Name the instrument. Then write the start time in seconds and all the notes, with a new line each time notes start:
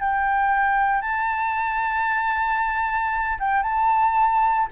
flute
0.00 G5
1.02 A5
3.39 G5
3.63 A5